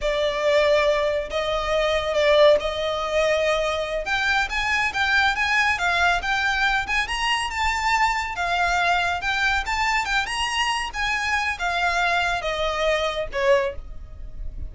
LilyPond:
\new Staff \with { instrumentName = "violin" } { \time 4/4 \tempo 4 = 140 d''2. dis''4~ | dis''4 d''4 dis''2~ | dis''4. g''4 gis''4 g''8~ | g''8 gis''4 f''4 g''4. |
gis''8 ais''4 a''2 f''8~ | f''4. g''4 a''4 g''8 | ais''4. gis''4. f''4~ | f''4 dis''2 cis''4 | }